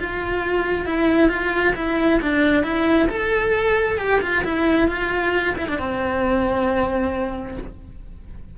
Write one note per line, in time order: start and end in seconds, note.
0.00 0.86 F4
0.86 1.29 E4
1.29 1.74 F4
1.76 2.21 E4
2.22 2.64 D4
2.64 3.09 E4
3.09 3.99 A4
3.99 4.21 G4
4.22 4.44 F4
4.44 4.88 E4
4.88 5.55 F4
5.58 5.69 E4
5.69 5.79 D4
5.79 7.58 C4